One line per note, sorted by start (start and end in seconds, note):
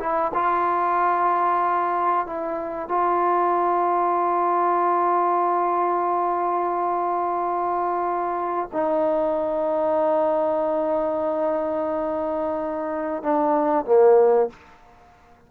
0.00 0.32 E4
0.35 2.27 F4
2.27 2.89 E4
2.89 8.69 F4
8.73 13.23 D#4
13.23 13.86 D4
13.86 14.50 A#3